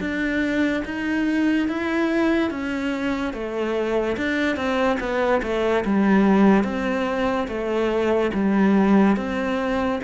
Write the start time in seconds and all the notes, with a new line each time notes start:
0.00 D4
0.85 D#4
1.68 E4
2.50 C#4
3.33 A3
4.17 D4
4.56 C4
5.00 B3
5.42 A3
5.85 G3
6.64 C4
7.48 A3
8.34 G3
9.17 C4